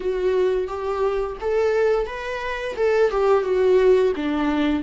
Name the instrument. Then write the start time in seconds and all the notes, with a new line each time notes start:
viola
0.00 F#4
0.67 G4
1.40 A4
2.06 B4
2.76 A4
3.10 G4
3.43 F#4
4.15 D4